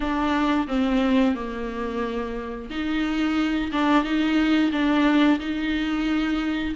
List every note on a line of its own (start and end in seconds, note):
0.00 0.67 D4
0.67 1.35 C4
1.35 2.69 A#3
2.70 3.71 D#4
3.72 4.04 D4
4.04 4.71 D#4
4.72 5.39 D4
5.39 6.74 D#4